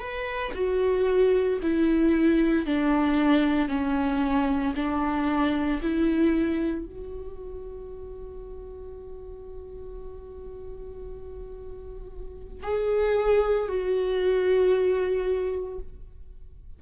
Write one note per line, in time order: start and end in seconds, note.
0.00 0.53 B4
0.55 1.60 F#4
1.63 2.67 E4
2.67 3.69 D4
3.69 4.74 C#4
4.76 5.81 D4
5.83 6.86 E4
6.86 12.64 F#4
12.64 13.69 G#4
13.69 15.79 F#4